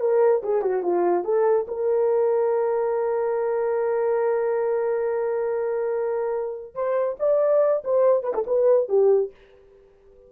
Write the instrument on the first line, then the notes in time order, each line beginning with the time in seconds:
horn
0.00 A#4
0.43 G#4
0.62 F#4
0.82 F4
1.24 A4
1.67 A#4
6.74 C5
7.19 D5
7.84 C5
8.23 B4
8.34 A4
8.46 B4
8.88 G4